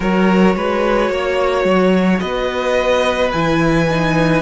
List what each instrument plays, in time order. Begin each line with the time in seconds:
0.00 cello F#3, viola F#4, violin A#4 C#5
0.55 cello G#3, violin B4
1.09 cello A#3, violin C#5
1.64 cello F#3
2.19 cello B3, violin B4 D#5
3.32 cello E3, viola E4, violin G#5
3.89 viola D#4